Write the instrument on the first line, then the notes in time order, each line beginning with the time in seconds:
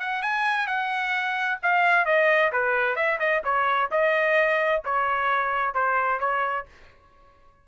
trumpet
0.00 F#5
0.22 G#5
0.67 F#5
1.63 F5
2.05 D#5
2.52 B4
2.96 E5
3.20 D#5
3.44 C#5
3.91 D#5
4.85 C#5
5.74 C5
6.20 C#5